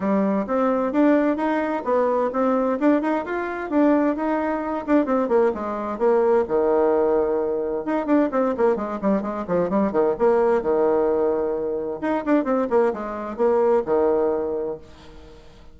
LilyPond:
\new Staff \with { instrumentName = "bassoon" } { \time 4/4 \tempo 4 = 130 g4 c'4 d'4 dis'4 | b4 c'4 d'8 dis'8 f'4 | d'4 dis'4. d'8 c'8 ais8 | gis4 ais4 dis2~ |
dis4 dis'8 d'8 c'8 ais8 gis8 g8 | gis8 f8 g8 dis8 ais4 dis4~ | dis2 dis'8 d'8 c'8 ais8 | gis4 ais4 dis2 | }